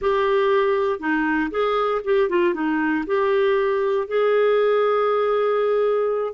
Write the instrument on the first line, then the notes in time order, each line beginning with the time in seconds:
clarinet
0.01 G4
0.99 D#4
1.50 G#4
2.04 G4
2.29 F4
2.54 D#4
3.06 G4
4.07 G#4